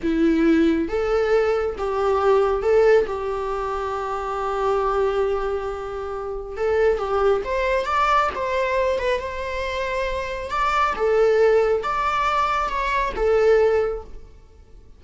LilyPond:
\new Staff \with { instrumentName = "viola" } { \time 4/4 \tempo 4 = 137 e'2 a'2 | g'2 a'4 g'4~ | g'1~ | g'2. a'4 |
g'4 c''4 d''4 c''4~ | c''8 b'8 c''2. | d''4 a'2 d''4~ | d''4 cis''4 a'2 | }